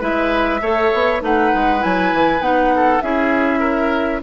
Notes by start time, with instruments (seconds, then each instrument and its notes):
0.00 bassoon G#3, clarinet E4, oboe B4, flute E5
0.61 bassoon A3, clarinet A4, oboe C#5
0.93 bassoon B3
1.20 bassoon A3, clarinet D#4, oboe B4, flute F#5
1.54 bassoon G#3
1.79 bassoon F#3, clarinet E4, flute G#5
2.13 bassoon E3
2.40 bassoon B3, clarinet D#4, flute F#5
2.75 oboe A4
3.01 bassoon C#4, clarinet E4, oboe G#4, flute E5
3.59 oboe A#4